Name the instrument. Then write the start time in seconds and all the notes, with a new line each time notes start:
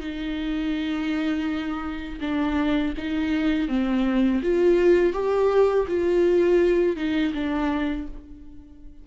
viola
0.00 D#4
2.21 D4
2.97 D#4
3.68 C4
4.43 F4
5.13 G4
5.88 F4
6.96 D#4
7.34 D4